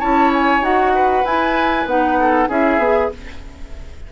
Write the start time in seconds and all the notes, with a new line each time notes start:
0.00 C#4 E4 C#5 A5
0.34 G#5
0.61 D#4 F#4 F#5
0.95 B4
1.25 E4 G#5
1.86 B3 D#4 F#5
2.20 A4
2.49 C#4 E4 G#4 E5
2.78 B3 G#4